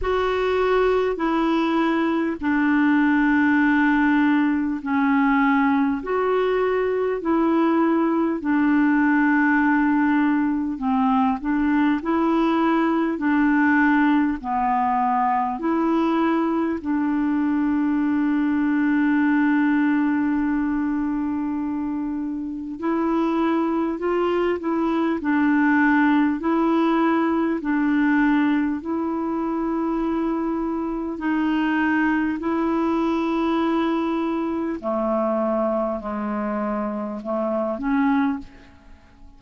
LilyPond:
\new Staff \with { instrumentName = "clarinet" } { \time 4/4 \tempo 4 = 50 fis'4 e'4 d'2 | cis'4 fis'4 e'4 d'4~ | d'4 c'8 d'8 e'4 d'4 | b4 e'4 d'2~ |
d'2. e'4 | f'8 e'8 d'4 e'4 d'4 | e'2 dis'4 e'4~ | e'4 a4 gis4 a8 cis'8 | }